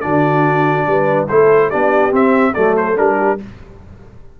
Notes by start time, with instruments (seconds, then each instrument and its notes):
0.00 tuba D3, trombone D4, horn F#4, trumpet D5
0.86 tuba G3, horn B4
1.28 tuba A3, trombone E4, horn A4, trumpet C5
1.69 tuba B3, trombone D4, horn G4, trumpet D5
2.11 trombone C4, tuba C4, trumpet E5
2.53 tuba F#3, trombone A3, horn A4, trumpet D5
2.77 trumpet C5
2.96 tuba G3, trombone D4, trumpet A#4
3.17 horn G4